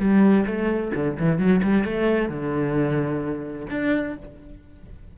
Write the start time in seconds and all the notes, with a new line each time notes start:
0.00 G3
0.47 A3
0.95 D3
1.20 E3
1.39 F#3
1.63 G3
1.85 A3
2.30 D3
3.71 D4